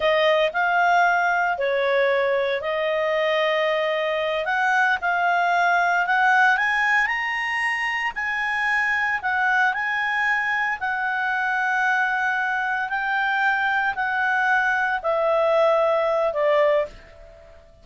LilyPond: \new Staff \with { instrumentName = "clarinet" } { \time 4/4 \tempo 4 = 114 dis''4 f''2 cis''4~ | cis''4 dis''2.~ | dis''8 fis''4 f''2 fis''8~ | fis''8 gis''4 ais''2 gis''8~ |
gis''4. fis''4 gis''4.~ | gis''8 fis''2.~ fis''8~ | fis''8 g''2 fis''4.~ | fis''8 e''2~ e''8 d''4 | }